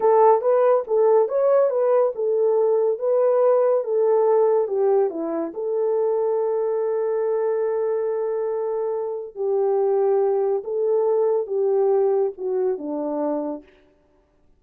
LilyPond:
\new Staff \with { instrumentName = "horn" } { \time 4/4 \tempo 4 = 141 a'4 b'4 a'4 cis''4 | b'4 a'2 b'4~ | b'4 a'2 g'4 | e'4 a'2.~ |
a'1~ | a'2 g'2~ | g'4 a'2 g'4~ | g'4 fis'4 d'2 | }